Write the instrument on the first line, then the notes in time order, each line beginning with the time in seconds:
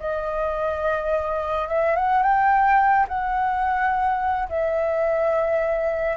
flute
0.00 D#5
1.68 E5
1.96 F#5
2.23 G5
3.08 F#5
4.49 E5